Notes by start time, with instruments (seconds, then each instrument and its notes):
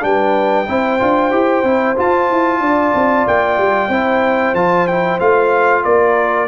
0.00 tuba G3, trombone D4, horn B4, trumpet G5
0.67 tuba C4, trombone E4, horn C5
0.99 tuba D4, trombone F4
1.31 tuba E4, trombone G4
1.63 tuba C4, trombone E4
1.96 trombone F4, tuba F4, trumpet A5
2.30 tuba E4
2.60 tuba D4, horn D5
2.94 tuba C4
3.27 tuba A#3, trumpet G5
3.57 tuba G3
3.88 tuba C4, trombone E4, horn C5
4.53 tuba F3, trombone F4, trumpet A5
4.87 trombone E4, trumpet G5
5.19 tuba A3, trombone F4, trumpet F5
5.84 tuba A#3, horn A#4, trumpet D5